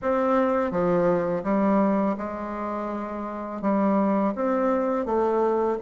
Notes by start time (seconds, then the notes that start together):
0.02 C4
0.71 F3
1.43 G3
2.17 G#3
3.61 G3
4.35 C4
5.05 A3